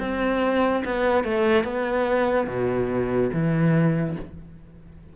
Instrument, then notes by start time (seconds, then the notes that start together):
cello
0.00 C4
0.85 B3
1.24 A3
1.64 B3
2.47 B2
3.33 E3